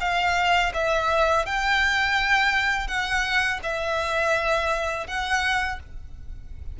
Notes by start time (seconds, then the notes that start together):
0.00 F5
0.74 E5
1.46 G5
2.88 F#5
3.63 E5
5.07 F#5